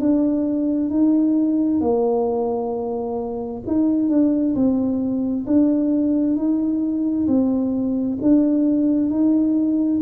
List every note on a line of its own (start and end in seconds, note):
0.00 0.90 D4
0.90 1.81 D#4
1.81 3.62 A#3
3.67 4.09 D#4
4.09 4.55 D4
4.55 5.46 C4
5.47 6.36 D4
6.36 7.27 D#4
7.28 8.19 C4
8.22 9.10 D4
9.10 10.01 D#4